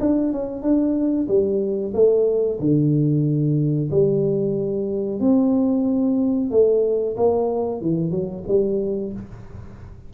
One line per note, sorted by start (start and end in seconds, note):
0.00 0.33 D4
0.33 0.63 C#4
0.63 1.28 D4
1.28 1.93 G3
1.94 2.59 A3
2.60 3.90 D3
3.91 5.20 G3
5.20 6.51 C4
6.51 7.16 A3
7.17 7.81 A#3
7.81 8.11 E3
8.11 8.44 F#3
8.48 9.13 G3